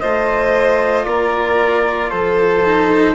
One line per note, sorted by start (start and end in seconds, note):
0.00 1.05 A3
0.00 2.64 F4
0.00 1.05 C5
0.00 1.05 D#5
1.05 2.11 A#3
1.05 2.10 A#4
1.05 2.10 D5
2.10 3.15 F3
2.10 3.15 A4
2.10 3.15 C5
2.64 3.15 D#4